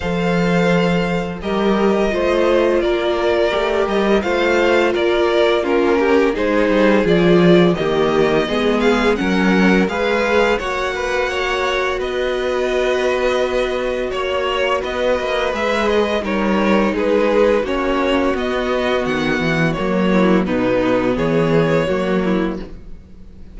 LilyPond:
<<
  \new Staff \with { instrumentName = "violin" } { \time 4/4 \tempo 4 = 85 f''2 dis''2 | d''4. dis''8 f''4 d''4 | ais'4 c''4 d''4 dis''4~ | dis''8 f''8 fis''4 f''4 fis''4~ |
fis''4 dis''2. | cis''4 dis''4 e''8 dis''8 cis''4 | b'4 cis''4 dis''4 fis''4 | cis''4 b'4 cis''2 | }
  \new Staff \with { instrumentName = "violin" } { \time 4/4 c''2 ais'4 c''4 | ais'2 c''4 ais'4 | f'8 g'8 gis'2 g'4 | gis'4 ais'4 b'4 cis''8 b'8 |
cis''4 b'2. | cis''4 b'2 ais'4 | gis'4 fis'2.~ | fis'8 e'8 dis'4 gis'4 fis'8 e'8 | }
  \new Staff \with { instrumentName = "viola" } { \time 4/4 a'2 g'4 f'4~ | f'4 g'4 f'2 | cis'4 dis'4 f'4 ais4 | b4 cis'4 gis'4 fis'4~ |
fis'1~ | fis'2 gis'4 dis'4~ | dis'4 cis'4 b2 | ais4 b2 ais4 | }
  \new Staff \with { instrumentName = "cello" } { \time 4/4 f2 g4 a4 | ais4 a8 g8 a4 ais4~ | ais4 gis8 g8 f4 dis4 | gis4 fis4 gis4 ais4~ |
ais4 b2. | ais4 b8 ais8 gis4 g4 | gis4 ais4 b4 dis8 e8 | fis4 b,4 e4 fis4 | }
>>